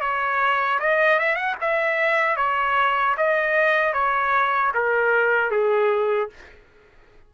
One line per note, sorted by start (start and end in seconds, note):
0.00 0.79 C#5
0.80 1.19 D#5
1.19 1.35 E5
1.35 1.55 F#5
1.61 2.36 E5
2.36 3.15 C#5
3.17 3.93 D#5
3.93 4.72 C#5
4.74 5.50 A#4
5.50 6.29 G#4